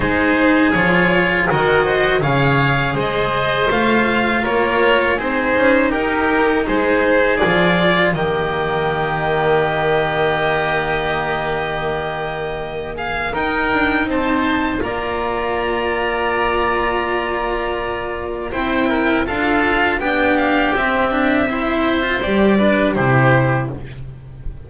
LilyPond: <<
  \new Staff \with { instrumentName = "violin" } { \time 4/4 \tempo 4 = 81 c''4 cis''4 dis''4 f''4 | dis''4 f''4 cis''4 c''4 | ais'4 c''4 d''4 dis''4~ | dis''1~ |
dis''4. f''8 g''4 a''4 | ais''1~ | ais''4 g''4 f''4 g''8 f''8 | e''2 d''4 c''4 | }
  \new Staff \with { instrumentName = "oboe" } { \time 4/4 gis'2 ais'8 c''8 cis''4 | c''2 ais'4 gis'4 | g'4 gis'2 g'4~ | g'1~ |
g'4. gis'8 ais'4 c''4 | d''1~ | d''4 c''8 ais'8 a'4 g'4~ | g'4 c''4. b'8 g'4 | }
  \new Staff \with { instrumentName = "cello" } { \time 4/4 dis'4 f'4 fis'4 gis'4~ | gis'4 f'2 dis'4~ | dis'2 f'4 ais4~ | ais1~ |
ais2 dis'2 | f'1~ | f'4 e'4 f'4 d'4 | c'8 d'8 e'8. f'16 g'8 d'8 e'4 | }
  \new Staff \with { instrumentName = "double bass" } { \time 4/4 gis4 f4 dis4 cis4 | gis4 a4 ais4 c'8 cis'8 | dis'4 gis4 f4 dis4~ | dis1~ |
dis2 dis'8 d'8 c'4 | ais1~ | ais4 c'4 d'4 b4 | c'2 g4 c4 | }
>>